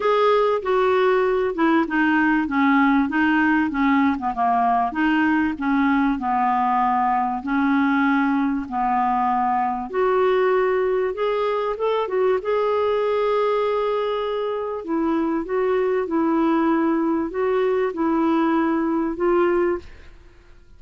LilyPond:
\new Staff \with { instrumentName = "clarinet" } { \time 4/4 \tempo 4 = 97 gis'4 fis'4. e'8 dis'4 | cis'4 dis'4 cis'8. b16 ais4 | dis'4 cis'4 b2 | cis'2 b2 |
fis'2 gis'4 a'8 fis'8 | gis'1 | e'4 fis'4 e'2 | fis'4 e'2 f'4 | }